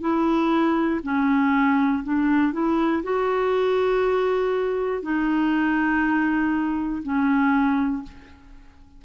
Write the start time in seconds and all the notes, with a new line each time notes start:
0.00 E4
1.03 C#4
2.04 D4
2.53 E4
3.03 F#4
5.02 D#4
7.03 C#4